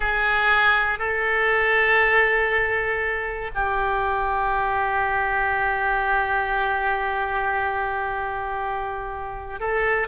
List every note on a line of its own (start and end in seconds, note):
0.00 0.98 G#4
0.98 3.50 A4
3.54 9.59 G4
9.60 10.07 A4